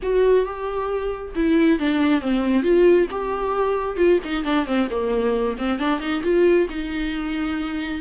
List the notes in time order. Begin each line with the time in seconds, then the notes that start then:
0.02 F#4
0.45 G4
1.35 E4
1.79 D4
2.21 C4
2.62 F4
3.10 G4
3.97 F4
4.24 D#4
4.44 D4
4.66 C4
4.90 A#3
5.57 C4
5.79 D4
6.00 D#4
6.23 F4
6.69 D#4